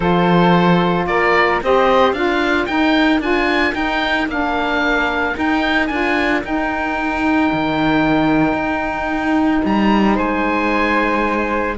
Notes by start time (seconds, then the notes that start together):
0.00 F3 F4 A4 C5
1.06 A#3 A#4 D5
1.62 C4 G4 C5 D#5
2.12 D4 F4 A#4 F5
2.66 D#4 G5
3.19 D4 F4 G#5
3.71 D#4 G5
4.28 A#3 D4 F5
5.34 D#4 G5
5.86 D4 F4 G#5
6.41 D#4 G5
7.52 D#3
8.53 D#4
9.65 G3 A#5
10.15 G#3 C5 G#5